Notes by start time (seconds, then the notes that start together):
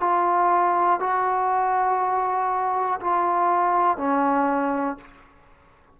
0.00 F4
1.00 F#4
3.00 F4
3.97 C#4